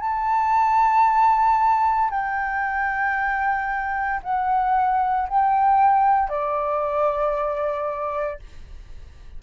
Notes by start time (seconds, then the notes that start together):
0.00 A5
2.10 G5
4.23 F#5
5.28 G5
6.29 D5